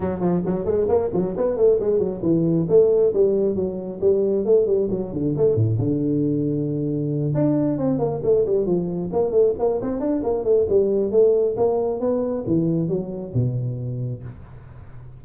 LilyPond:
\new Staff \with { instrumentName = "tuba" } { \time 4/4 \tempo 4 = 135 fis8 f8 fis8 gis8 ais8 fis8 b8 a8 | gis8 fis8 e4 a4 g4 | fis4 g4 a8 g8 fis8 d8 | a8 a,8 d2.~ |
d8 d'4 c'8 ais8 a8 g8 f8~ | f8 ais8 a8 ais8 c'8 d'8 ais8 a8 | g4 a4 ais4 b4 | e4 fis4 b,2 | }